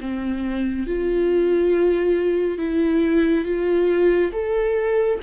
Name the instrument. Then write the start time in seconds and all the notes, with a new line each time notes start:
viola
0.00 C4
0.87 F4
2.58 E4
3.44 F4
4.32 A4